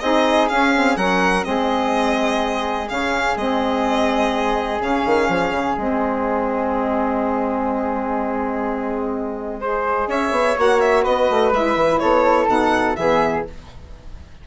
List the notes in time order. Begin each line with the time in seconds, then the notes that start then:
0.00 C4 D#4 G#4 D#5
0.49 C#4 F5
0.75 C4
0.97 F#3 C#4 A#4 F#5
1.43 G#3 C4 G#4 D#5
2.88 C#3 C#4 F5
3.36 G#3 C4 D#5
4.80 C#3 C#4 F5
5.06 D#3
5.29 F3
5.51 C#3
5.77 G#3 C4 D#5
9.60 G#4 C5
10.07 C#4 C#5 E5
10.31 B3
10.56 A#3 F#4 F#5
10.80 E5
11.03 B3 B4 D#5
11.30 A3
11.52 G#3 E4 E5
11.76 E3
11.99 B3 A4 C#5
12.47 B2 D#4 F#5
12.96 E3 B3 G#4 E5